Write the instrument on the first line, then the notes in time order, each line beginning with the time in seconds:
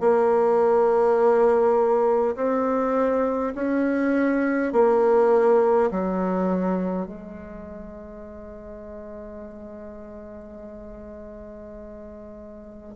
bassoon
0.00 A#3
2.36 C4
3.55 C#4
4.73 A#3
5.91 F#3
7.06 G#3